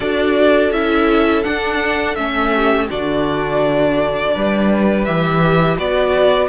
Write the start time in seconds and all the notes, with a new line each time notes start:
0.00 D4 F#4 A4 D5
0.71 C#4 E4 E5
1.43 D4 F#5
2.15 A3 C#4 E5
2.54 G4
2.89 D3 D4 F#4 D5
4.33 G3 B4
5.04 E3 G4 E5
5.77 B3 F#4 D5